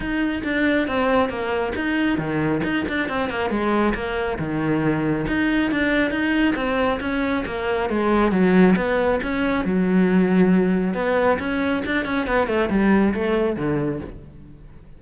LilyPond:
\new Staff \with { instrumentName = "cello" } { \time 4/4 \tempo 4 = 137 dis'4 d'4 c'4 ais4 | dis'4 dis4 dis'8 d'8 c'8 ais8 | gis4 ais4 dis2 | dis'4 d'4 dis'4 c'4 |
cis'4 ais4 gis4 fis4 | b4 cis'4 fis2~ | fis4 b4 cis'4 d'8 cis'8 | b8 a8 g4 a4 d4 | }